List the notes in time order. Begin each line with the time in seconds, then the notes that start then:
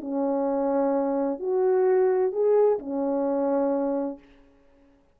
0.00 C#4
1.39 F#4
2.32 G#4
2.79 C#4